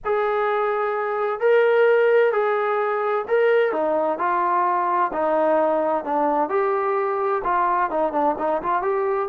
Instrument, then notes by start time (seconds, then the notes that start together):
trombone
0.04 G#4
1.40 A#4
2.32 G#4
3.27 A#4
3.72 D#4
4.18 F4
5.12 D#4
6.04 D4
6.49 G4
7.44 F4
7.90 D#4
8.12 D4
8.38 D#4
8.62 F4
8.82 G4